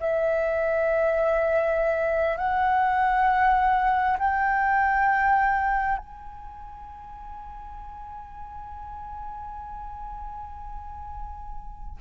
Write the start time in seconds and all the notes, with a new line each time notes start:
0.00 E5
2.37 F#5
4.19 G5
5.97 G#5